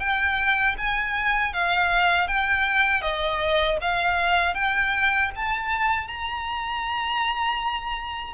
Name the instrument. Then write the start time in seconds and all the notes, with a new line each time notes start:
violin
0.00 G5
0.78 G#5
1.54 F5
2.28 G5
3.02 D#5
3.81 F5
4.54 G5
5.35 A5
6.08 A#5